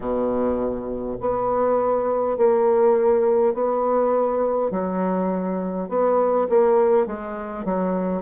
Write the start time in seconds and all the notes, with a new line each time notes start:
0.00 B2
1.20 B3
2.37 A#3
3.53 B3
4.71 F#3
5.88 B3
6.49 A#3
7.06 G#3
7.65 F#3